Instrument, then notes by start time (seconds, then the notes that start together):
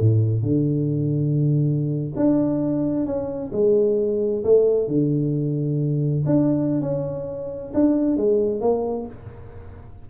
tuba
0.00 A2
0.43 D3
2.16 D4
3.06 C#4
3.53 G#3
4.44 A3
4.88 D3
6.26 D4
6.82 C#4
7.74 D4
8.17 G#3
8.61 A#3